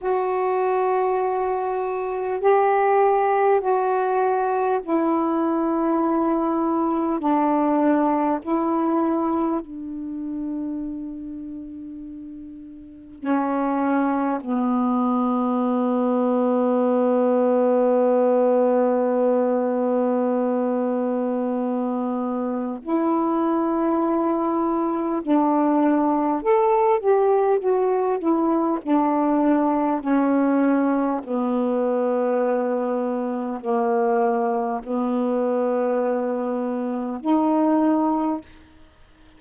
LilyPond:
\new Staff \with { instrumentName = "saxophone" } { \time 4/4 \tempo 4 = 50 fis'2 g'4 fis'4 | e'2 d'4 e'4 | d'2. cis'4 | b1~ |
b2. e'4~ | e'4 d'4 a'8 g'8 fis'8 e'8 | d'4 cis'4 b2 | ais4 b2 dis'4 | }